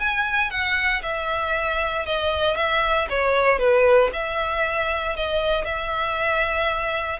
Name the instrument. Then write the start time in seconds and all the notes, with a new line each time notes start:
violin
0.00 G#5
0.51 F#5
1.03 E5
2.06 D#5
2.56 E5
3.10 C#5
3.59 B4
4.13 E5
5.17 D#5
5.65 E5